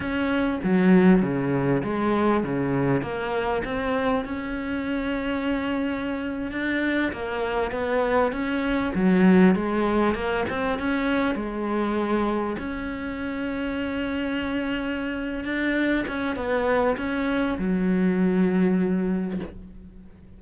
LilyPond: \new Staff \with { instrumentName = "cello" } { \time 4/4 \tempo 4 = 99 cis'4 fis4 cis4 gis4 | cis4 ais4 c'4 cis'4~ | cis'2~ cis'8. d'4 ais16~ | ais8. b4 cis'4 fis4 gis16~ |
gis8. ais8 c'8 cis'4 gis4~ gis16~ | gis8. cis'2.~ cis'16~ | cis'4. d'4 cis'8 b4 | cis'4 fis2. | }